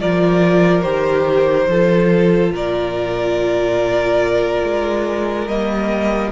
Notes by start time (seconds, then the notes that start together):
0.00 F3 F4 A#4 D5
0.82 D#3 G4 C5
1.67 F3 F4 A4
2.52 A#2 A#4 D5
4.63 G#3
5.47 G3 A#3 D#5